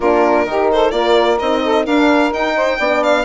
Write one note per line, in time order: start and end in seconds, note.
0.00 0.45 A#3
0.00 0.47 D4
0.00 0.46 F4
0.00 0.70 A#4
0.45 0.91 D#3
0.45 0.91 D#4
0.45 0.72 G4
0.71 0.94 A4
0.71 0.91 C5
0.91 1.38 A#3
0.91 1.37 F4
0.91 1.64 A#4
0.91 1.37 D5
1.39 1.86 C4
1.39 1.87 D#4
1.39 1.85 D#5
1.64 1.84 A4
1.84 2.32 D4
1.84 2.31 D4
1.84 2.54 A#4
1.84 2.32 F5
2.31 2.77 D#4
2.31 2.79 D#4
2.31 3.03 G5
2.56 2.78 C5
2.78 3.25 B3
2.78 3.25 D4
2.78 3.24 D5
3.03 3.25 F5